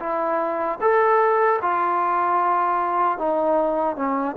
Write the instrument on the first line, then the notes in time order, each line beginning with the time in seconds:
trombone
0.00 E4
0.81 A4
1.62 F4
3.18 D#4
3.97 C#4